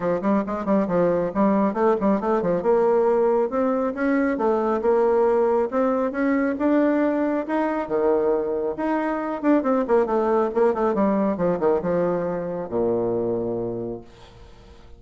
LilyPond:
\new Staff \with { instrumentName = "bassoon" } { \time 4/4 \tempo 4 = 137 f8 g8 gis8 g8 f4 g4 | a8 g8 a8 f8 ais2 | c'4 cis'4 a4 ais4~ | ais4 c'4 cis'4 d'4~ |
d'4 dis'4 dis2 | dis'4. d'8 c'8 ais8 a4 | ais8 a8 g4 f8 dis8 f4~ | f4 ais,2. | }